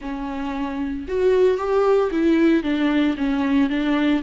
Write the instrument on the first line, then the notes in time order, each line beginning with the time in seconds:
viola
0.01 C#4
1.08 F#4
1.57 G4
2.11 E4
2.63 D4
3.17 C#4
3.69 D4